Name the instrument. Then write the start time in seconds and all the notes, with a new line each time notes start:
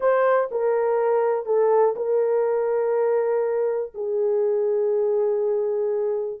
horn
0.00 C5
0.51 A#4
1.45 A4
1.96 A#4
3.94 G#4